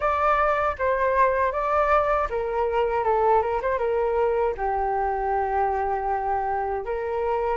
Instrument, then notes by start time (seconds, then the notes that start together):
flute
0.00 D5
0.78 C5
1.52 D5
2.30 A#4
3.04 A4
3.41 A#4
3.61 C5
3.78 A#4
4.57 G4
6.85 A#4